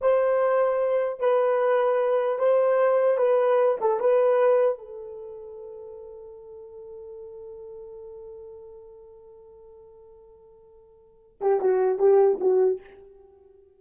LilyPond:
\new Staff \with { instrumentName = "horn" } { \time 4/4 \tempo 4 = 150 c''2. b'4~ | b'2 c''2 | b'4. a'8 b'2 | a'1~ |
a'1~ | a'1~ | a'1~ | a'8 g'8 fis'4 g'4 fis'4 | }